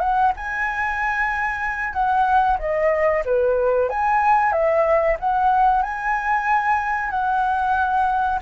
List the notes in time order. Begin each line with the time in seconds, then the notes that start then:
0.00 F#5
0.37 G#5
1.93 F#5
2.59 D#5
3.26 B4
3.90 G#5
4.52 E5
5.20 F#5
5.82 G#5
7.10 F#5